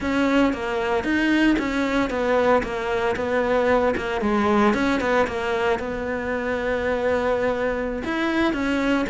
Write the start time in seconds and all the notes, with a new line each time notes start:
0.00 C#4
0.53 A#3
1.04 D#4
1.58 C#4
2.09 B3
2.63 A#3
3.16 B3
3.96 A#3
4.21 G#3
4.74 C#4
5.00 B3
5.27 A#3
5.79 B3
8.04 E4
8.53 C#4